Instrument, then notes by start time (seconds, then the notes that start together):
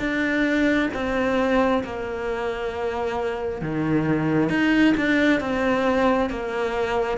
cello
0.00 D4
0.94 C4
1.84 A#3
3.62 D#3
4.50 D#4
4.98 D4
5.41 C4
6.31 A#3